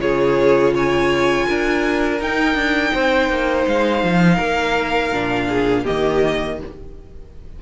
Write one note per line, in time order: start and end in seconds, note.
0.00 1.46 C#3
0.00 2.20 F4
0.00 0.74 G#4
0.00 0.74 C#5
0.74 1.47 C#5
0.74 2.22 G#5
1.48 2.21 D4
1.48 2.93 A#4
2.21 2.55 D#4
2.21 5.14 D#4
2.21 3.68 G5
2.55 2.91 D4
2.93 3.30 C4
2.93 4.35 C5
3.30 3.66 A#3
3.67 4.04 G#3
3.67 5.86 F5
4.04 4.39 F3
4.35 5.12 A#3
4.35 5.45 A#4
5.12 5.85 A#2
5.12 5.86 D4
5.48 5.84 G#4
5.84 6.63 D#3
5.84 6.59 A#3
5.84 6.57 G4
5.84 6.59 D#5